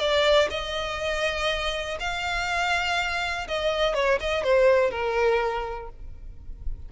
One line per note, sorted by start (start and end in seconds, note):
0.00 0.49 D5
0.51 1.98 D#5
2.00 3.48 F5
3.48 3.95 D#5
3.95 4.19 C#5
4.21 4.44 D#5
4.44 4.91 C5
4.91 5.89 A#4